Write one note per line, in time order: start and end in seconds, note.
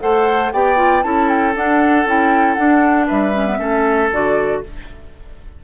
0.00 0.53 A3
0.00 0.51 A4
0.00 0.53 C5
0.00 0.52 F#5
0.53 1.04 B3
0.53 0.76 G4
0.53 1.04 D5
0.53 1.03 G5
0.76 1.02 F4
1.02 1.55 C#4
1.02 1.54 E4
1.02 3.07 A4
1.02 1.28 A5
1.28 1.54 G5
1.54 2.06 D4
1.54 2.05 D4
1.54 2.08 F#5
2.05 2.57 C#4
2.05 2.57 E4
2.05 2.54 G5
2.54 3.33 D4
2.54 3.09 D4
2.54 3.05 F#5
3.07 3.59 G3
3.07 3.58 B4
3.07 4.11 E5
3.33 3.46 C#4
3.46 3.58 B3
3.58 4.10 A3
3.58 4.09 C#4
3.58 4.62 A4
4.11 4.63 D3
4.11 4.63 F#4
4.11 4.64 D5